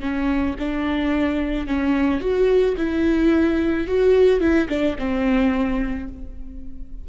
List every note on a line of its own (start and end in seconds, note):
0.00 0.55 C#4
0.59 1.67 D4
1.67 2.20 C#4
2.20 2.75 F#4
2.77 3.87 E4
3.87 4.40 F#4
4.40 4.68 E4
4.69 4.96 D4
4.98 6.09 C4